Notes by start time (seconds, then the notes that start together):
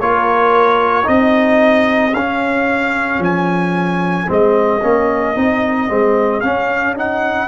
0.00 A#3 F4 A#4 C#5
1.04 C4 D#4 G#4 D#5
2.13 C#4 F5
3.19 F3 G#5
4.27 G#3 C4 D#5
4.81 A#3 C#4
5.35 C4 D#4
5.88 G#3 C4
6.40 C#4 F5
6.96 D#4 F#5